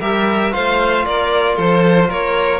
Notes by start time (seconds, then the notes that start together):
0.00 G3 G4 A#4 E5
0.51 A3 F4 C5 F5
1.05 A#3 A#4 D5
1.55 F3 A4 C5
2.08 A#3 A#4 C#5